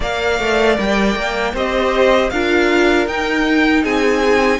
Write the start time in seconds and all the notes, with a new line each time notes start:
0.00 A#3 A#4 D5 F5
0.39 A3
0.78 G3 G5
1.15 A#3
1.53 C4 G4 C5 D#5
2.29 D4 F4 A#4 F5
3.07 D#4 G5
3.83 C4 G#4 G#5